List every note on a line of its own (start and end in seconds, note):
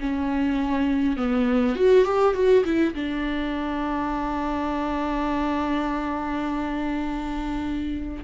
0.00 1.16 C#4
1.16 1.75 B3
1.75 2.05 F#4
2.05 2.34 G4
2.34 2.64 F#4
2.64 2.94 E4
2.94 8.24 D4